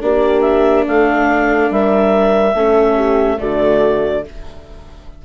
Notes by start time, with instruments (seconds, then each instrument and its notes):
0.00 bassoon A#3, viola D4, horn G4, clarinet D5
0.41 clarinet E5
0.87 bassoon A3, horn A4, clarinet F5
1.70 bassoon G3, horn A#4, clarinet E5
2.54 bassoon A3, viola C#4, horn A4
2.95 horn G4
3.37 bassoon D3, viola A3, horn F#4, clarinet D5